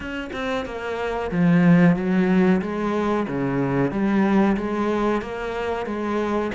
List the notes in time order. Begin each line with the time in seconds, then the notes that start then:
0.00 C#4
0.33 C4
0.65 A#3
1.31 F3
1.96 F#3
2.61 G#3
3.27 C#3
3.91 G3
4.56 G#3
5.21 A#3
5.85 G#3